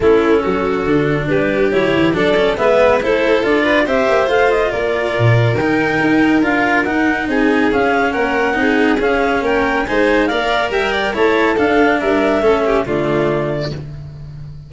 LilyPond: <<
  \new Staff \with { instrumentName = "clarinet" } { \time 4/4 \tempo 4 = 140 a'2. b'4 | cis''4 d''4 e''4 c''4 | d''4 e''4 f''8 dis''8 d''4~ | d''4 g''2 f''4 |
fis''4 gis''4 f''4 fis''4~ | fis''4 f''4 g''4 gis''4 | f''4 g''4 a''4 f''4 | e''2 d''2 | }
  \new Staff \with { instrumentName = "violin" } { \time 4/4 e'4 fis'2 g'4~ | g'4 a'4 b'4 a'4~ | a'8 b'8 c''2 ais'4~ | ais'1~ |
ais'4 gis'2 ais'4 | gis'2 ais'4 c''4 | d''4 e''8 d''8 cis''4 a'4 | ais'4 a'8 g'8 f'2 | }
  \new Staff \with { instrumentName = "cello" } { \time 4/4 cis'2 d'2 | e'4 d'8 cis'8 b4 e'4 | f'4 g'4 f'2~ | f'4 dis'2 f'4 |
dis'2 cis'2 | dis'4 cis'2 dis'4 | ais'2 e'4 d'4~ | d'4 cis'4 a2 | }
  \new Staff \with { instrumentName = "tuba" } { \time 4/4 a4 fis4 d4 g4 | fis8 e8 fis4 gis4 a4 | d'4 c'8 ais8 a4 ais4 | ais,4 dis4 dis'4 d'4 |
dis'4 c'4 cis'4 ais4 | c'4 cis'4 ais4 gis4 | ais4 g4 a4 d'4 | g4 a4 d2 | }
>>